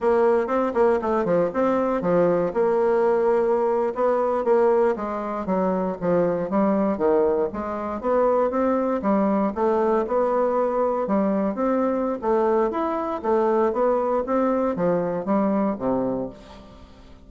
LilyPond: \new Staff \with { instrumentName = "bassoon" } { \time 4/4 \tempo 4 = 118 ais4 c'8 ais8 a8 f8 c'4 | f4 ais2~ ais8. b16~ | b8. ais4 gis4 fis4 f16~ | f8. g4 dis4 gis4 b16~ |
b8. c'4 g4 a4 b16~ | b4.~ b16 g4 c'4~ c'16 | a4 e'4 a4 b4 | c'4 f4 g4 c4 | }